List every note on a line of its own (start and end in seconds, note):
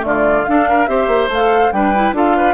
0.00 0.46 D3
0.00 0.42 A3
0.00 0.44 D5
0.07 0.49 F4
0.44 0.87 D4
0.44 0.88 D4
0.44 0.68 A4
0.44 0.86 F5
0.68 0.89 A#4
0.86 1.07 C4
0.86 1.29 G4
0.86 1.73 C5
0.86 1.28 E5
1.07 1.28 A#3
1.28 1.70 A3
1.28 1.72 F5
1.35 1.73 A4
1.72 2.12 G3
1.72 1.94 D4
1.72 2.15 B4
1.72 2.14 G5
1.94 2.14 E4
2.12 2.54 D4
2.12 2.54 F4
2.12 2.37 A4
2.12 2.54 F5
2.37 2.54 B4